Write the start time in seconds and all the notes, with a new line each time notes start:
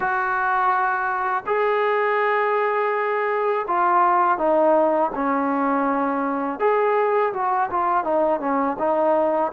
0.00 F#4
1.46 G#4
3.68 F4
4.37 D#4
5.15 C#4
6.59 G#4
7.33 F#4
7.70 F4
8.04 D#4
8.40 C#4
8.78 D#4